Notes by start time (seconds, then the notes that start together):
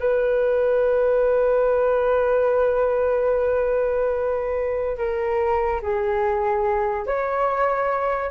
0.00 B4
4.98 A#4
5.81 G#4
7.06 C#5